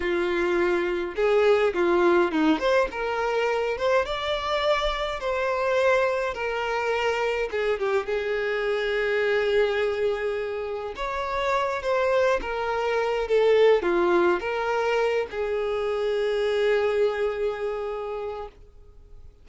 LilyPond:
\new Staff \with { instrumentName = "violin" } { \time 4/4 \tempo 4 = 104 f'2 gis'4 f'4 | dis'8 c''8 ais'4. c''8 d''4~ | d''4 c''2 ais'4~ | ais'4 gis'8 g'8 gis'2~ |
gis'2. cis''4~ | cis''8 c''4 ais'4. a'4 | f'4 ais'4. gis'4.~ | gis'1 | }